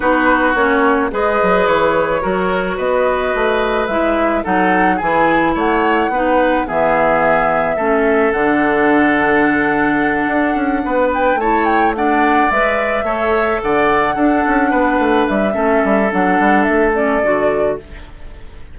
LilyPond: <<
  \new Staff \with { instrumentName = "flute" } { \time 4/4 \tempo 4 = 108 b'4 cis''4 dis''4 cis''4~ | cis''4 dis''2 e''4 | fis''4 gis''4 fis''2 | e''2. fis''4~ |
fis''1 | g''8 a''8 g''8 fis''4 e''4.~ | e''8 fis''2. e''8~ | e''4 fis''4 e''8 d''4. | }
  \new Staff \with { instrumentName = "oboe" } { \time 4/4 fis'2 b'2 | ais'4 b'2. | a'4 gis'4 cis''4 b'4 | gis'2 a'2~ |
a'2.~ a'8 b'8~ | b'8 cis''4 d''2 cis''8~ | cis''8 d''4 a'4 b'4. | a'1 | }
  \new Staff \with { instrumentName = "clarinet" } { \time 4/4 dis'4 cis'4 gis'2 | fis'2. e'4 | dis'4 e'2 dis'4 | b2 cis'4 d'4~ |
d'1~ | d'8 e'4 d'4 b'4 a'8~ | a'4. d'2~ d'8 | cis'4 d'4. cis'8 fis'4 | }
  \new Staff \with { instrumentName = "bassoon" } { \time 4/4 b4 ais4 gis8 fis8 e4 | fis4 b4 a4 gis4 | fis4 e4 a4 b4 | e2 a4 d4~ |
d2~ d8 d'8 cis'8 b8~ | b8 a2 gis4 a8~ | a8 d4 d'8 cis'8 b8 a8 g8 | a8 g8 fis8 g8 a4 d4 | }
>>